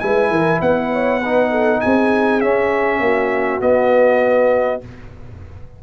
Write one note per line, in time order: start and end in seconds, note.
0.00 0.31 G#3
0.00 1.22 E4
0.00 0.31 B4
0.00 0.60 G#5
0.31 0.61 E3
0.31 0.61 A#4
0.61 1.81 B3
0.61 0.92 B4
0.61 1.81 F#5
0.93 1.20 C#5
1.20 2.42 D#4
1.20 1.50 B4
1.51 1.81 A4
1.81 2.42 C4
1.81 3.03 G#4
1.81 2.41 G#5
2.41 3.62 C#4
2.41 3.01 C#4
2.41 3.61 E5
3.01 3.61 A#3
3.01 4.83 F#4
3.61 4.81 B3
3.61 4.82 B3
3.61 4.82 D#5